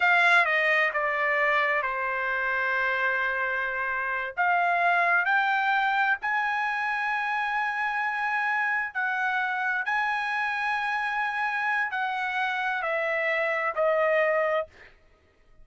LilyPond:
\new Staff \with { instrumentName = "trumpet" } { \time 4/4 \tempo 4 = 131 f''4 dis''4 d''2 | c''1~ | c''4. f''2 g''8~ | g''4. gis''2~ gis''8~ |
gis''2.~ gis''8 fis''8~ | fis''4. gis''2~ gis''8~ | gis''2 fis''2 | e''2 dis''2 | }